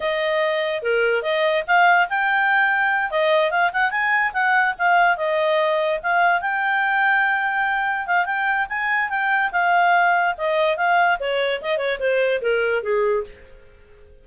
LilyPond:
\new Staff \with { instrumentName = "clarinet" } { \time 4/4 \tempo 4 = 145 dis''2 ais'4 dis''4 | f''4 g''2~ g''8 dis''8~ | dis''8 f''8 fis''8 gis''4 fis''4 f''8~ | f''8 dis''2 f''4 g''8~ |
g''2.~ g''8 f''8 | g''4 gis''4 g''4 f''4~ | f''4 dis''4 f''4 cis''4 | dis''8 cis''8 c''4 ais'4 gis'4 | }